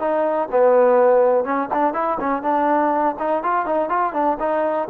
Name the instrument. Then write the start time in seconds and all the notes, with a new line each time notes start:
trombone
0.00 D#4
0.52 B3
1.45 C#4
1.74 D4
1.94 E4
2.20 C#4
2.43 D4
3.19 D#4
3.43 F4
3.66 D#4
3.90 F4
4.14 D4
4.40 D#4